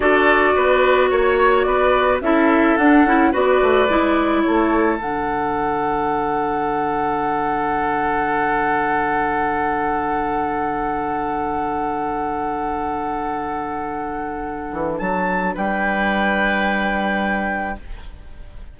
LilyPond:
<<
  \new Staff \with { instrumentName = "flute" } { \time 4/4 \tempo 4 = 108 d''2 cis''4 d''4 | e''4 fis''4 d''2 | cis''4 fis''2.~ | fis''1~ |
fis''1~ | fis''1~ | fis''2. a''4 | g''1 | }
  \new Staff \with { instrumentName = "oboe" } { \time 4/4 a'4 b'4 cis''4 b'4 | a'2 b'2 | a'1~ | a'1~ |
a'1~ | a'1~ | a'1 | b'1 | }
  \new Staff \with { instrumentName = "clarinet" } { \time 4/4 fis'1 | e'4 d'8 e'8 fis'4 e'4~ | e'4 d'2.~ | d'1~ |
d'1~ | d'1~ | d'1~ | d'1 | }
  \new Staff \with { instrumentName = "bassoon" } { \time 4/4 d'4 b4 ais4 b4 | cis'4 d'8 cis'8 b8 a8 gis4 | a4 d2.~ | d1~ |
d1~ | d1~ | d2~ d8 e8 fis4 | g1 | }
>>